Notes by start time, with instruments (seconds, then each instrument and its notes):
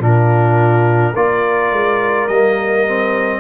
0.00 tuba A#2, trombone D4, horn F4, trumpet A#4
1.13 tuba A#3, trombone F4, horn A#4, trumpet D5
1.71 tuba G#3
2.28 tuba G3, trombone A#3, trumpet D#5
2.87 trombone C4